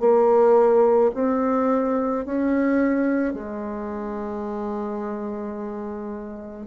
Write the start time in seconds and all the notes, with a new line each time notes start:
0.00 A#3
1.14 C4
2.25 C#4
3.34 G#3